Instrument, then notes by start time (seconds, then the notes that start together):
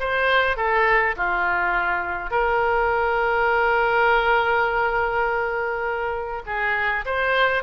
oboe
0.00 C5
0.57 A4
1.16 F4
2.31 A#4
6.47 G#4
7.06 C5